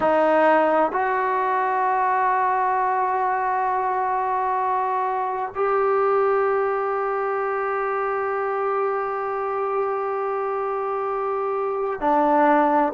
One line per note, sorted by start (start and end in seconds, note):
0.00 0.92 D#4
0.92 5.53 F#4
5.54 12.00 G4
12.00 12.92 D4